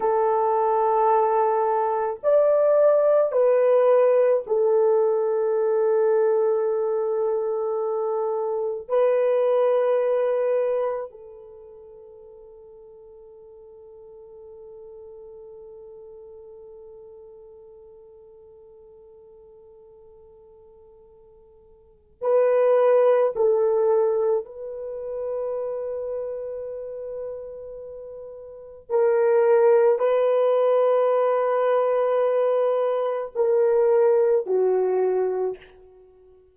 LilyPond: \new Staff \with { instrumentName = "horn" } { \time 4/4 \tempo 4 = 54 a'2 d''4 b'4 | a'1 | b'2 a'2~ | a'1~ |
a'1 | b'4 a'4 b'2~ | b'2 ais'4 b'4~ | b'2 ais'4 fis'4 | }